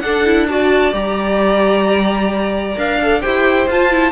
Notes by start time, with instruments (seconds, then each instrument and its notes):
0.00 cello D4, viola D4, violin A4 F#5
0.25 viola E4
0.49 viola F#4, violin D5 A5
0.92 cello G3, viola G4, violin A#5
2.77 cello D4, viola A#4, violin F5
3.03 viola A4
3.22 cello E4, viola G4, violin C5 G5
3.68 cello F4, viola F4, violin A5
3.91 viola E4